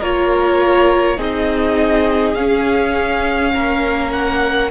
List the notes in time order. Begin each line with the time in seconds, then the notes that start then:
0.00 A#3 F4 A#4 C#5
1.16 C4 D#4 G#4 D#5
2.34 C#4 F5
3.53 A#3 A#4
4.12 F#5